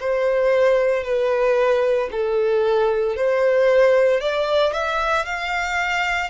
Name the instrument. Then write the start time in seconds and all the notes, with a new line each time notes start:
violin
0.00 C5
1.04 B4
2.11 A4
3.16 C5
4.21 D5
4.73 E5
5.25 F5